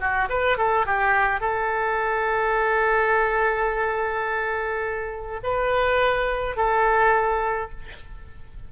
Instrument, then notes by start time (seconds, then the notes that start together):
oboe
0.00 F#4
0.29 B4
0.58 A4
0.86 G4
1.41 A4
5.43 B4
6.57 A4